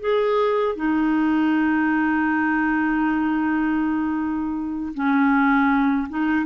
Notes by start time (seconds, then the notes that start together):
0.00 G#4
0.76 D#4
4.94 C#4
6.09 D#4